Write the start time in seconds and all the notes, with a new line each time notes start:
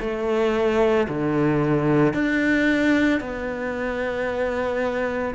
0.00 A3
1.09 D3
2.13 D4
3.20 B3